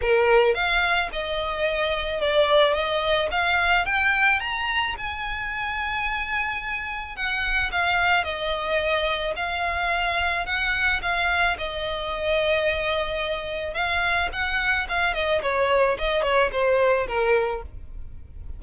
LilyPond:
\new Staff \with { instrumentName = "violin" } { \time 4/4 \tempo 4 = 109 ais'4 f''4 dis''2 | d''4 dis''4 f''4 g''4 | ais''4 gis''2.~ | gis''4 fis''4 f''4 dis''4~ |
dis''4 f''2 fis''4 | f''4 dis''2.~ | dis''4 f''4 fis''4 f''8 dis''8 | cis''4 dis''8 cis''8 c''4 ais'4 | }